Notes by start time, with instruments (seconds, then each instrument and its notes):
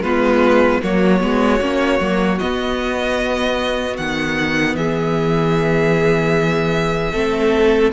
0.00 cello G#3, viola B3, violin F4 B4
0.83 cello F#3, viola A#3, violin F#4 C#5
1.20 cello G#3, viola B3
1.60 cello A#3, viola C#4
2.00 cello F#3, viola A#3
2.38 viola B3, cello B3, violin D#5
3.97 cello D#3, violin F#5
4.75 cello E3, violin G#4 E5
7.12 cello A3, viola C4, violin A4